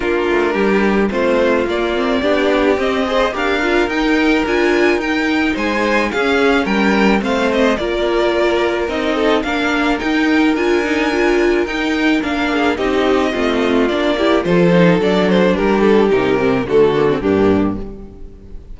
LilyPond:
<<
  \new Staff \with { instrumentName = "violin" } { \time 4/4 \tempo 4 = 108 ais'2 c''4 d''4~ | d''4 dis''4 f''4 g''4 | gis''4 g''4 gis''4 f''4 | g''4 f''8 dis''8 d''2 |
dis''4 f''4 g''4 gis''4~ | gis''4 g''4 f''4 dis''4~ | dis''4 d''4 c''4 d''8 c''8 | ais'8 a'8 ais'4 a'4 g'4 | }
  \new Staff \with { instrumentName = "violin" } { \time 4/4 f'4 g'4 f'2 | g'4. c''8 ais'2~ | ais'2 c''4 gis'4 | ais'4 c''4 ais'2~ |
ais'8 a'8 ais'2.~ | ais'2~ ais'8 gis'8 g'4 | f'4. g'8 a'2 | g'2 fis'4 d'4 | }
  \new Staff \with { instrumentName = "viola" } { \time 4/4 d'2 c'4 ais8 c'8 | d'4 c'8 gis'8 g'8 f'8 dis'4 | f'4 dis'2 cis'4~ | cis'4 c'4 f'2 |
dis'4 d'4 dis'4 f'8 dis'8 | f'4 dis'4 d'4 dis'4 | c'4 d'8 e'8 f'8 dis'8 d'4~ | d'4 dis'8 c'8 a8 ais16 c'16 ais4 | }
  \new Staff \with { instrumentName = "cello" } { \time 4/4 ais8 a8 g4 a4 ais4 | b4 c'4 d'4 dis'4 | d'4 dis'4 gis4 cis'4 | g4 a4 ais2 |
c'4 ais4 dis'4 d'4~ | d'4 dis'4 ais4 c'4 | a4 ais4 f4 fis4 | g4 c4 d4 g,4 | }
>>